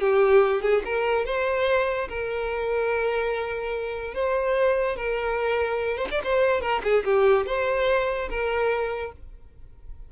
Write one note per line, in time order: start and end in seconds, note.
0.00 0.62 G4
0.62 0.82 G#4
0.85 1.25 A#4
1.25 2.08 C5
2.09 4.14 A#4
4.14 4.96 C5
4.96 5.97 A#4
5.97 6.07 C5
6.11 6.21 D5
6.23 6.61 C5
6.61 6.81 A#4
6.83 7.04 G#4
7.04 7.46 G4
7.46 8.29 C5
8.29 9.12 A#4